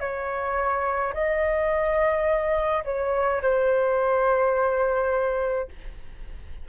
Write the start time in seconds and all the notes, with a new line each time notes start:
0.00 C#5
1.14 D#5
2.85 C#5
3.42 C5